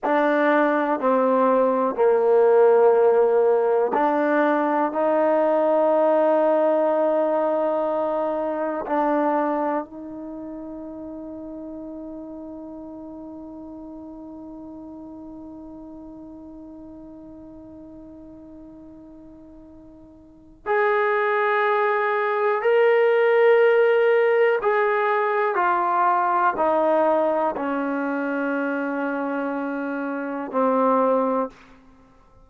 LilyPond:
\new Staff \with { instrumentName = "trombone" } { \time 4/4 \tempo 4 = 61 d'4 c'4 ais2 | d'4 dis'2.~ | dis'4 d'4 dis'2~ | dis'1~ |
dis'1~ | dis'4 gis'2 ais'4~ | ais'4 gis'4 f'4 dis'4 | cis'2. c'4 | }